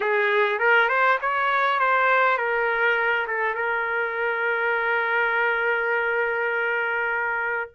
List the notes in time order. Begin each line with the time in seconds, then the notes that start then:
0.00 G#4
0.59 A#4
0.88 C5
1.21 C#5
1.79 C5
2.37 A#4
3.27 A4
3.55 A#4